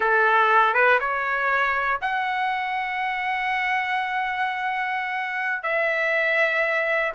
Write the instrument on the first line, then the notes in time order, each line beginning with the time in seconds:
trumpet
0.00 A4
0.73 B4
1.00 C#5
2.01 F#5
5.62 E5